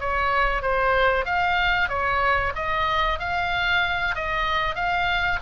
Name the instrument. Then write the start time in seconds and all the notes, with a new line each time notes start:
oboe
0.00 C#5
0.62 C5
1.25 F5
1.89 C#5
2.55 D#5
3.19 F5
4.15 D#5
4.75 F5